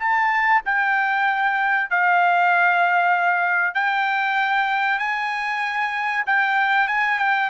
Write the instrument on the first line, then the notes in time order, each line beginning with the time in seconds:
trumpet
0.00 A5
0.66 G5
1.90 F5
3.75 G5
4.99 G#5
6.27 G5
6.88 G#5
7.19 G5